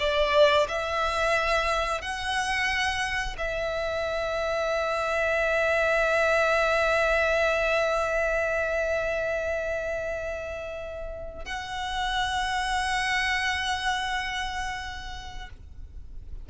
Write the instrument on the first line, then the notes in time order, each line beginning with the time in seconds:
violin
0.00 D5
0.68 E5
2.02 F#5
3.38 E5
11.45 F#5